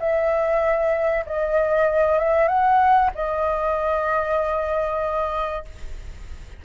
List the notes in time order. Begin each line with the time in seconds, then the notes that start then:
0.00 E5
1.26 D#5
2.19 E5
2.48 F#5
3.15 D#5